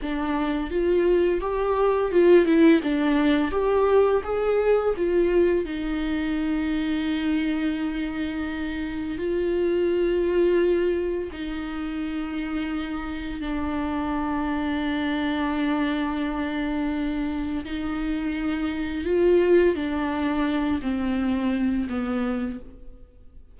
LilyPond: \new Staff \with { instrumentName = "viola" } { \time 4/4 \tempo 4 = 85 d'4 f'4 g'4 f'8 e'8 | d'4 g'4 gis'4 f'4 | dis'1~ | dis'4 f'2. |
dis'2. d'4~ | d'1~ | d'4 dis'2 f'4 | d'4. c'4. b4 | }